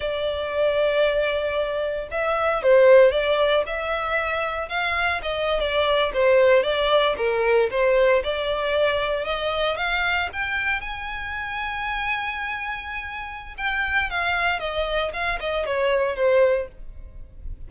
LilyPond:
\new Staff \with { instrumentName = "violin" } { \time 4/4 \tempo 4 = 115 d''1 | e''4 c''4 d''4 e''4~ | e''4 f''4 dis''8. d''4 c''16~ | c''8. d''4 ais'4 c''4 d''16~ |
d''4.~ d''16 dis''4 f''4 g''16~ | g''8. gis''2.~ gis''16~ | gis''2 g''4 f''4 | dis''4 f''8 dis''8 cis''4 c''4 | }